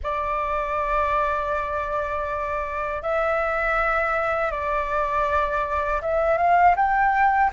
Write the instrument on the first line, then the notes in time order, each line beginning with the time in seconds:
flute
0.03 D5
3.02 E5
4.51 D5
6.01 E5
6.38 F5
6.75 G5